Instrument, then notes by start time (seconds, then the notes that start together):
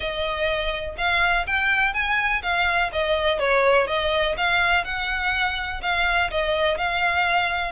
violin
0.00 D#5
0.97 F5
1.46 G5
1.93 G#5
2.42 F5
2.92 D#5
3.39 C#5
3.87 D#5
4.37 F5
4.84 F#5
5.82 F5
6.31 D#5
6.77 F5